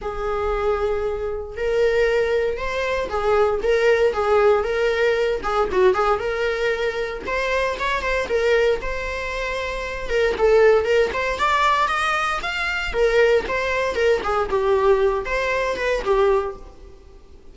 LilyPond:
\new Staff \with { instrumentName = "viola" } { \time 4/4 \tempo 4 = 116 gis'2. ais'4~ | ais'4 c''4 gis'4 ais'4 | gis'4 ais'4. gis'8 fis'8 gis'8 | ais'2 c''4 cis''8 c''8 |
ais'4 c''2~ c''8 ais'8 | a'4 ais'8 c''8 d''4 dis''4 | f''4 ais'4 c''4 ais'8 gis'8 | g'4. c''4 b'8 g'4 | }